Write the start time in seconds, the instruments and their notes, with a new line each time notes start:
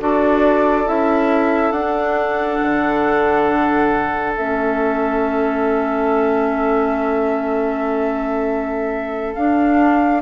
0.00 bassoon D4, clarinet F#4, oboe A4, flute D5
0.86 bassoon C#4, clarinet E4, flute E5
1.72 bassoon D4, clarinet D4, flute F#5
2.62 bassoon D3
4.36 bassoon A3, clarinet C#4, flute E5
9.35 bassoon D4, clarinet D4, flute F5